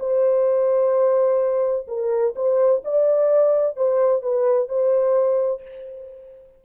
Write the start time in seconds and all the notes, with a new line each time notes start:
0.00 C5
1.87 A#4
2.36 C5
2.85 D5
3.76 C5
4.22 B4
4.68 C5